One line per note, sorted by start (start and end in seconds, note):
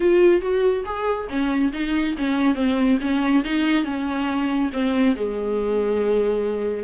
0.00 0.41 F4
0.41 0.84 F#4
0.85 1.28 G#4
1.29 1.72 C#4
1.73 2.15 D#4
2.17 2.55 C#4
2.55 2.97 C4
3.00 3.43 C#4
3.43 3.84 D#4
3.84 4.70 C#4
4.72 5.15 C4
5.15 6.83 G#3